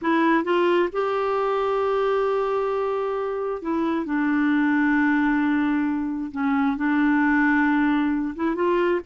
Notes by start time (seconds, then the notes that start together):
0.01 E4
0.44 F4
0.92 G4
3.62 E4
4.05 D4
6.31 C#4
6.76 D4
8.35 E4
8.55 F4